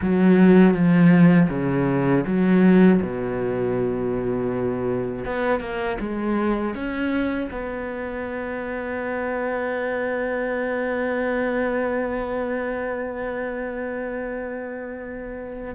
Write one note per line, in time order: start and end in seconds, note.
0.01 0.74 F#3
0.74 1.49 F3
1.49 2.24 C#3
2.26 3.01 F#3
3.01 5.25 B2
5.25 5.60 B3
5.60 5.97 A#3
6.00 6.74 G#3
6.74 7.49 C#4
7.51 15.75 B3